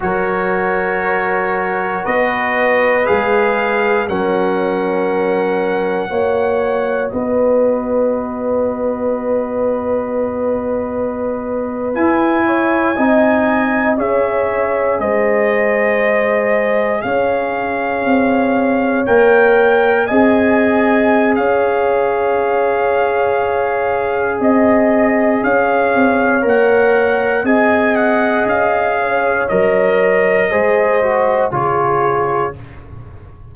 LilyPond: <<
  \new Staff \with { instrumentName = "trumpet" } { \time 4/4 \tempo 4 = 59 cis''2 dis''4 f''4 | fis''2. dis''4~ | dis''2.~ dis''8. gis''16~ | gis''4.~ gis''16 e''4 dis''4~ dis''16~ |
dis''8. f''2 g''4 gis''16~ | gis''4 f''2. | dis''4 f''4 fis''4 gis''8 fis''8 | f''4 dis''2 cis''4 | }
  \new Staff \with { instrumentName = "horn" } { \time 4/4 ais'2 b'2 | ais'2 cis''4 b'4~ | b'1~ | b'16 cis''8 dis''4 cis''4 c''4~ c''16~ |
c''8. cis''2. dis''16~ | dis''4 cis''2. | dis''4 cis''2 dis''4~ | dis''8 cis''4. c''4 gis'4 | }
  \new Staff \with { instrumentName = "trombone" } { \time 4/4 fis'2. gis'4 | cis'2 fis'2~ | fis'2.~ fis'8. e'16~ | e'8. dis'4 gis'2~ gis'16~ |
gis'2~ gis'8. ais'4 gis'16~ | gis'1~ | gis'2 ais'4 gis'4~ | gis'4 ais'4 gis'8 fis'8 f'4 | }
  \new Staff \with { instrumentName = "tuba" } { \time 4/4 fis2 b4 gis4 | fis2 ais4 b4~ | b2.~ b8. e'16~ | e'8. c'4 cis'4 gis4~ gis16~ |
gis8. cis'4 c'4 ais4 c'16~ | c'4 cis'2. | c'4 cis'8 c'8 ais4 c'4 | cis'4 fis4 gis4 cis4 | }
>>